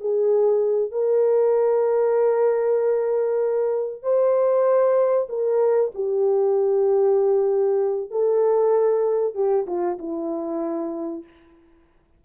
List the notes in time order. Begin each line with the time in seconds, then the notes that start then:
0.00 G#4
0.91 A#4
4.02 C5
5.28 A#4
5.94 G4
8.11 A4
9.34 G4
9.66 F4
9.98 E4